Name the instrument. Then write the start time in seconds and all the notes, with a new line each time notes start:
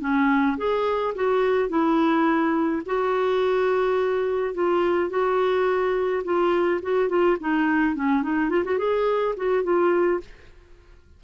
clarinet
0.00 C#4
0.57 G#4
1.15 F#4
1.69 E4
2.86 F#4
4.54 F4
5.09 F#4
6.24 F4
6.82 F#4
7.09 F4
7.40 D#4
7.95 C#4
8.22 D#4
8.49 F4
8.64 F#4
8.78 G#4
9.36 F#4
9.63 F4